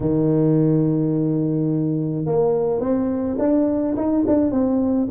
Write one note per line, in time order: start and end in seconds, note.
0.00 2.25 D#3
2.25 2.80 A#3
2.80 3.36 C4
3.38 3.95 D4
3.96 4.24 D#4
4.27 4.51 D4
4.51 5.08 C4